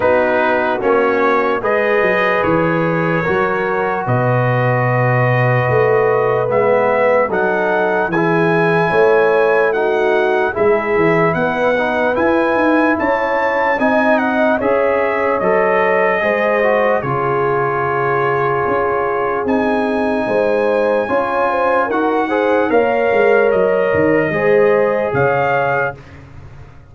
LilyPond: <<
  \new Staff \with { instrumentName = "trumpet" } { \time 4/4 \tempo 4 = 74 b'4 cis''4 dis''4 cis''4~ | cis''4 dis''2. | e''4 fis''4 gis''2 | fis''4 e''4 fis''4 gis''4 |
a''4 gis''8 fis''8 e''4 dis''4~ | dis''4 cis''2. | gis''2. fis''4 | f''4 dis''2 f''4 | }
  \new Staff \with { instrumentName = "horn" } { \time 4/4 fis'2 b'2 | ais'4 b'2.~ | b'4 a'4 gis'4 cis''4 | fis'4 gis'4 b'2 |
cis''4 dis''4 cis''2 | c''4 gis'2.~ | gis'4 c''4 cis''8 c''8 ais'8 c''8 | cis''2 c''4 cis''4 | }
  \new Staff \with { instrumentName = "trombone" } { \time 4/4 dis'4 cis'4 gis'2 | fis'1 | b4 dis'4 e'2 | dis'4 e'4. dis'8 e'4~ |
e'4 dis'4 gis'4 a'4 | gis'8 fis'8 f'2. | dis'2 f'4 fis'8 gis'8 | ais'2 gis'2 | }
  \new Staff \with { instrumentName = "tuba" } { \time 4/4 b4 ais4 gis8 fis8 e4 | fis4 b,2 a4 | gis4 fis4 e4 a4~ | a4 gis8 e8 b4 e'8 dis'8 |
cis'4 c'4 cis'4 fis4 | gis4 cis2 cis'4 | c'4 gis4 cis'4 dis'4 | ais8 gis8 fis8 dis8 gis4 cis4 | }
>>